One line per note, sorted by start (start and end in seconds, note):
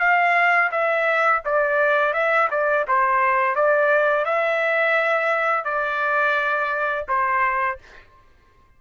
0.00 0.71 F5
0.72 1.42 E5
1.45 2.14 D5
2.14 2.49 E5
2.51 2.86 D5
2.88 3.56 C5
3.56 4.25 D5
4.25 5.65 E5
5.65 7.06 D5
7.08 7.79 C5